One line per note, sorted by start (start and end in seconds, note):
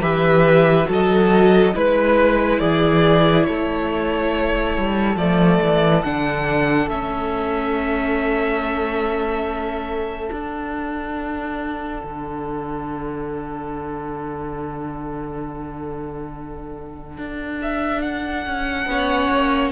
0.00 0.86 E3
0.00 0.86 G4
0.00 0.88 B4
0.00 0.88 E5
0.86 1.75 F#3
0.86 1.72 F#4
0.86 1.74 A4
0.92 1.77 D#5
1.74 2.61 G#3
1.74 5.17 E4
1.74 2.60 B4
1.74 2.59 B4
2.59 3.47 E3
2.59 3.46 G#4
2.59 3.45 D5
3.45 4.77 A3
3.45 18.90 A4
3.45 5.16 C#5
4.77 5.16 G3
5.16 5.59 F3
5.16 6.03 A3
5.16 6.03 D5
5.62 6.04 E3
6.03 6.87 D3
6.03 6.90 D4
6.03 6.89 F#5
6.87 10.30 A3
6.87 10.32 C#4
6.87 10.32 E5
10.31 12.03 D4
10.31 18.88 D4
10.31 17.60 F#5
12.04 17.18 D3
17.18 18.46 D4
17.62 18.02 E5
18.02 19.72 F#5
18.47 18.86 C#4
18.86 19.29 B3
18.86 19.72 C#4
18.86 19.72 C#5
19.30 19.72 A#3